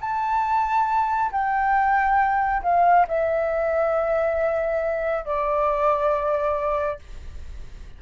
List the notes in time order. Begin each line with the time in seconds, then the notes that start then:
0.00 A5
1.32 G5
2.62 F5
3.08 E5
5.25 D5